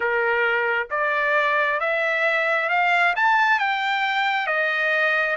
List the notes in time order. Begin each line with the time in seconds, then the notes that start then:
0.00 A#4
0.90 D5
1.80 E5
2.69 F5
3.15 A5
3.59 G5
4.46 D#5